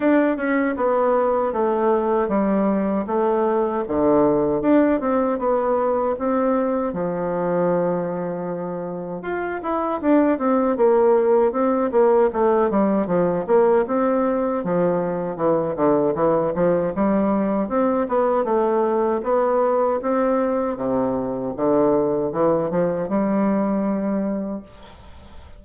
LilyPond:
\new Staff \with { instrumentName = "bassoon" } { \time 4/4 \tempo 4 = 78 d'8 cis'8 b4 a4 g4 | a4 d4 d'8 c'8 b4 | c'4 f2. | f'8 e'8 d'8 c'8 ais4 c'8 ais8 |
a8 g8 f8 ais8 c'4 f4 | e8 d8 e8 f8 g4 c'8 b8 | a4 b4 c'4 c4 | d4 e8 f8 g2 | }